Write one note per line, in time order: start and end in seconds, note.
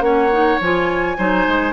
0.00 0.57 A#3
0.00 0.30 C#4
0.00 1.17 C#5
0.00 0.58 F#5
0.32 0.60 D#4
0.60 1.17 F3
0.60 1.18 F4
0.60 1.73 G#5
1.18 1.46 F#3
1.18 1.73 D#4
1.18 1.73 C5
1.47 1.73 G#3